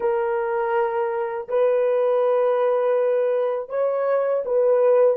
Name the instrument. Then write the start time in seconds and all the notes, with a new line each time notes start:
horn
0.00 A#4
1.48 B4
3.69 C#5
4.45 B4